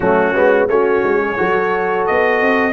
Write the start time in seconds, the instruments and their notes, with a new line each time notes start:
0.00 tuba F#3, trombone A3, horn C#4, trumpet F#4
0.34 tuba G#3, trombone B3
0.68 tuba A3, trombone C#4, horn F#4, trumpet C#5
1.03 tuba G#3
1.20 horn G#4
1.37 tuba F#3, trombone F#4, horn A4
2.06 tuba B3, trumpet D#5
2.41 tuba C4